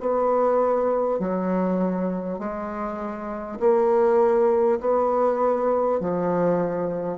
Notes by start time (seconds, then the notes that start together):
0.00 B3
1.19 F#3
2.39 G#3
3.59 A#3
4.80 B3
6.00 F3